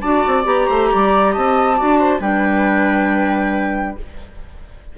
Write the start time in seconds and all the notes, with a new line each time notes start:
0.00 D4 F#4 D5 A5
0.27 C4
0.43 B3 G4 A#5
0.67 A3 C5
0.91 G3 D5
1.32 C4 D#5 A5
1.75 D4 F#4 D5
1.98 C5
2.20 G3 D4 B4 G5